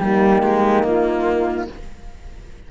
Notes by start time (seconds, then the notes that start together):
0.00 G3 A#3 D#4 G4
0.42 G#3
0.83 A#3 F4